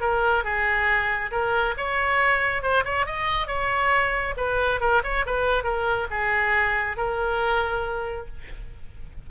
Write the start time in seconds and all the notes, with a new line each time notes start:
0.00 A#4
0.43 G#4
1.31 A#4
1.77 C#5
2.62 C5
2.84 C#5
3.06 D#5
3.47 C#5
4.36 B4
4.80 A#4
5.03 C#5
5.25 B4
5.63 A#4
6.10 G#4
6.96 A#4